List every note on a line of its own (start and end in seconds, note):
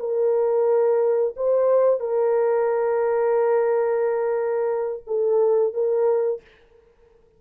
0.00 1.35 A#4
1.37 2.00 C5
2.00 5.03 A#4
5.07 5.74 A4
5.74 6.42 A#4